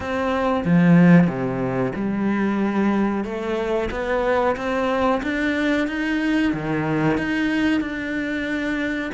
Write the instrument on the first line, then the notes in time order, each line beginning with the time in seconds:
cello
0.00 C4
0.64 F3
1.27 C3
1.95 G3
3.24 A3
3.90 B3
4.56 C4
5.22 D4
5.87 D#4
6.53 D#3
7.17 D#4
7.80 D4